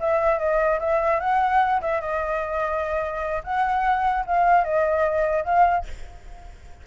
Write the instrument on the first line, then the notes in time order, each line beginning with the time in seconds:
flute
0.00 E5
0.39 D#5
0.80 E5
1.20 F#5
1.81 E5
2.01 D#5
3.44 F#5
4.27 F5
4.64 D#5
5.45 F5